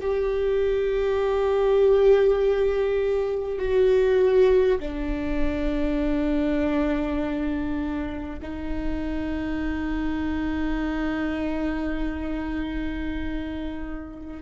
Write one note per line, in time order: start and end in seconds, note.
0.00 3.58 G4
3.58 4.78 F#4
4.79 8.39 D4
8.42 14.42 D#4